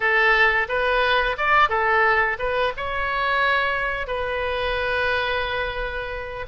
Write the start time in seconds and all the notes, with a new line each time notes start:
0.00 A4
0.68 B4
1.37 D5
1.69 A4
2.38 B4
2.76 C#5
4.07 B4